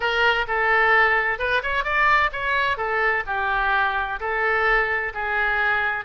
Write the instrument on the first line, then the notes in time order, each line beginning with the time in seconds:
oboe
0.00 A#4
0.47 A4
1.38 B4
1.62 C#5
1.84 D5
2.32 C#5
2.77 A4
3.26 G4
4.19 A4
5.14 G#4